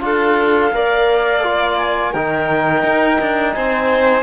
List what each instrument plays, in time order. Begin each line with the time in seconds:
0.00 cello D4, trombone F4, violin A4, clarinet F5
0.72 cello A#3, trombone A#4, violin D5
1.43 trombone F4
1.77 clarinet G#5
2.12 cello D#3, trombone D#4, violin A#4, clarinet G5
2.83 cello D#4
3.20 cello D4
3.54 cello C4, violin C5, clarinet G#5